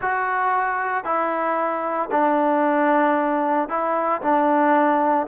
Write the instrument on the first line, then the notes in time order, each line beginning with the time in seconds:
trombone
0.01 F#4
1.04 E4
2.11 D4
3.68 E4
4.21 D4